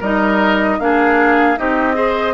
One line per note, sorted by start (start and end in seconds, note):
0.00 0.79 G3
0.00 0.80 D#4
0.00 0.78 A#4
0.00 0.80 D#5
0.79 1.57 A#3
0.79 1.57 D4
0.79 1.60 G#4
0.79 1.58 F5
1.57 2.34 C4
1.57 1.94 D#4
1.57 1.96 G4
1.57 2.34 D#5
1.94 2.33 G#4
1.94 2.34 C5